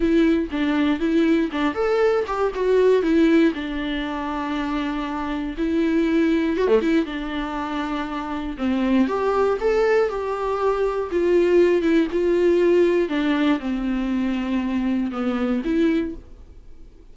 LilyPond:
\new Staff \with { instrumentName = "viola" } { \time 4/4 \tempo 4 = 119 e'4 d'4 e'4 d'8 a'8~ | a'8 g'8 fis'4 e'4 d'4~ | d'2. e'4~ | e'4 fis'16 a16 e'8 d'2~ |
d'4 c'4 g'4 a'4 | g'2 f'4. e'8 | f'2 d'4 c'4~ | c'2 b4 e'4 | }